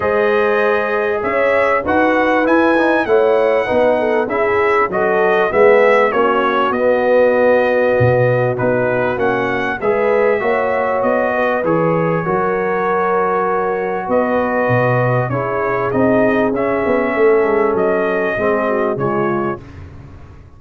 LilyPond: <<
  \new Staff \with { instrumentName = "trumpet" } { \time 4/4 \tempo 4 = 98 dis''2 e''4 fis''4 | gis''4 fis''2 e''4 | dis''4 e''4 cis''4 dis''4~ | dis''2 b'4 fis''4 |
e''2 dis''4 cis''4~ | cis''2. dis''4~ | dis''4 cis''4 dis''4 e''4~ | e''4 dis''2 cis''4 | }
  \new Staff \with { instrumentName = "horn" } { \time 4/4 c''2 cis''4 b'4~ | b'4 cis''4 b'8 a'8 gis'4 | a'4 gis'4 fis'2~ | fis'1 |
b'4 cis''4. b'4. | ais'2. b'4~ | b'4 gis'2. | a'2 gis'8 fis'8 f'4 | }
  \new Staff \with { instrumentName = "trombone" } { \time 4/4 gis'2. fis'4 | e'8 dis'8 e'4 dis'4 e'4 | fis'4 b4 cis'4 b4~ | b2 dis'4 cis'4 |
gis'4 fis'2 gis'4 | fis'1~ | fis'4 e'4 dis'4 cis'4~ | cis'2 c'4 gis4 | }
  \new Staff \with { instrumentName = "tuba" } { \time 4/4 gis2 cis'4 dis'4 | e'4 a4 b4 cis'4 | fis4 gis4 ais4 b4~ | b4 b,4 b4 ais4 |
gis4 ais4 b4 e4 | fis2. b4 | b,4 cis'4 c'4 cis'8 b8 | a8 gis8 fis4 gis4 cis4 | }
>>